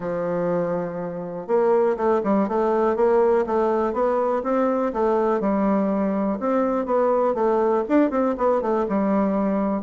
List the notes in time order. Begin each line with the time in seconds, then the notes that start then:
0.00 F3
1.47 A#3
1.96 A3
2.23 G3
2.48 A3
2.96 A#3
3.46 A3
3.93 B3
4.43 C4
4.93 A3
5.40 G3
6.39 C4
6.85 B3
7.34 A3
7.88 D4
8.10 C4
8.37 B3
8.61 A3
8.89 G3